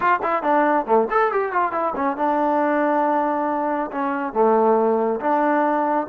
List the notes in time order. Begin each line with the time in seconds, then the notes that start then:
0.00 F4
0.22 E4
0.42 D4
0.86 A3
1.10 A4
1.32 G4
1.52 F4
1.72 E4
1.95 C#4
2.17 D4
3.91 C#4
4.33 A3
5.20 D4